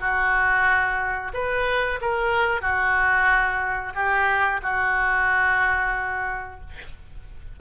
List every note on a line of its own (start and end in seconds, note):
0.00 1.32 F#4
1.33 1.99 B4
2.01 2.61 A#4
2.61 3.93 F#4
3.95 4.61 G4
4.62 6.60 F#4